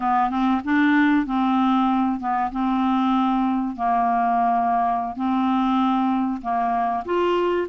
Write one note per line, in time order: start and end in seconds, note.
0.00 0.30 B3
0.30 0.61 C4
0.64 1.26 D4
1.26 2.20 C4
2.20 2.51 B3
2.51 3.76 C4
3.76 5.16 A#3
5.16 6.41 C4
6.41 7.04 A#3
7.05 7.67 F4